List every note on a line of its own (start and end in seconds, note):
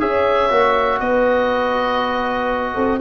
0.00 0.51 C#4
0.00 0.50 G#4
0.00 1.01 C#5
0.00 1.00 E5
0.51 1.01 A#3
0.51 3.01 F#4
1.00 2.76 B3
1.00 2.74 B4
1.00 3.00 D#5
2.74 3.01 C4
2.74 2.99 A4